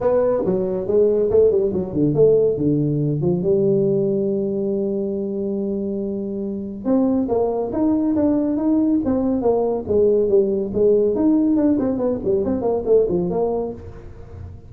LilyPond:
\new Staff \with { instrumentName = "tuba" } { \time 4/4 \tempo 4 = 140 b4 fis4 gis4 a8 g8 | fis8 d8 a4 d4. f8 | g1~ | g1 |
c'4 ais4 dis'4 d'4 | dis'4 c'4 ais4 gis4 | g4 gis4 dis'4 d'8 c'8 | b8 g8 c'8 ais8 a8 f8 ais4 | }